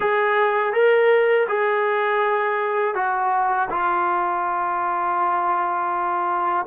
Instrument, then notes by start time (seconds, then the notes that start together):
trombone
0.00 G#4
0.73 A#4
1.48 G#4
2.95 F#4
3.69 F4